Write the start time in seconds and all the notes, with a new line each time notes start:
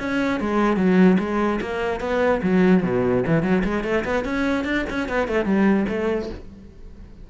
0.00 C#4
0.41 G#3
0.77 F#3
1.20 G#3
1.62 A#3
2.01 B3
2.43 F#3
2.83 B2
3.27 E3
3.43 F#3
3.65 G#3
3.84 A3
4.05 B3
4.25 C#4
4.65 D4
4.90 C#4
5.09 B3
5.28 A3
5.45 G3
5.89 A3